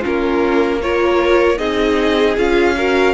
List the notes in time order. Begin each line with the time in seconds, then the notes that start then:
0.00 C#4 F4 A#4
0.06 A#3
0.81 F4 A#4 C#5
1.57 C4 D#4 G#4 D#5
2.37 C#4 F4 F5
2.76 F#4 A#4